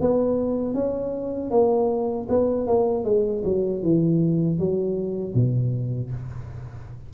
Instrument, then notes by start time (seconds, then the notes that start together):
tuba
0.00 B3
0.74 C#4
1.50 A#3
2.29 B3
2.66 A#3
3.04 G#3
3.44 F#3
3.82 E3
4.59 F#3
5.34 B2